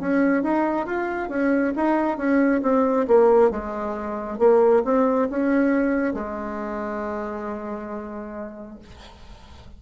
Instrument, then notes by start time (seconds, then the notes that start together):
bassoon
0.00 C#4
0.43 D#4
0.86 F4
1.29 C#4
1.76 D#4
2.17 C#4
2.63 C4
3.08 A#3
3.51 G#3
4.39 A#3
4.84 C4
5.30 C#4
6.14 G#3